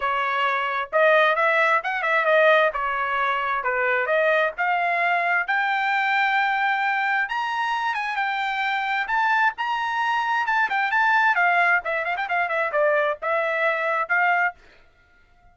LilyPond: \new Staff \with { instrumentName = "trumpet" } { \time 4/4 \tempo 4 = 132 cis''2 dis''4 e''4 | fis''8 e''8 dis''4 cis''2 | b'4 dis''4 f''2 | g''1 |
ais''4. gis''8 g''2 | a''4 ais''2 a''8 g''8 | a''4 f''4 e''8 f''16 g''16 f''8 e''8 | d''4 e''2 f''4 | }